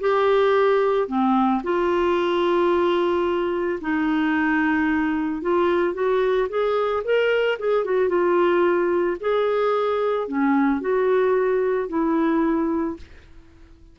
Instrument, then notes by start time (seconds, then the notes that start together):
clarinet
0.00 G4
1.08 C4
1.63 F4
3.81 D#4
5.42 F4
5.94 F#4
6.49 G#4
7.04 A#4
7.59 G#4
7.85 F#4
8.09 F4
9.20 G#4
10.28 C#4
10.81 F#4
11.89 E4